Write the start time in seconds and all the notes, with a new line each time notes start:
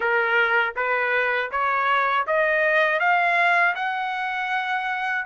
0.00 A#4
0.75 B4
1.51 C#5
2.26 D#5
2.99 F5
3.75 F#5